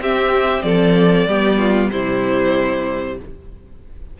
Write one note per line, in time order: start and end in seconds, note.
0.00 0.63 C4
0.00 1.29 C4
0.00 0.65 G4
0.00 0.62 E5
0.62 1.27 F3
0.62 1.28 A4
0.62 1.90 D5
1.27 1.91 G3
1.27 1.92 B3
1.27 1.59 G4
1.59 1.91 F4
1.91 3.20 C3
1.91 3.19 G3
1.91 3.19 E4
1.91 3.18 C5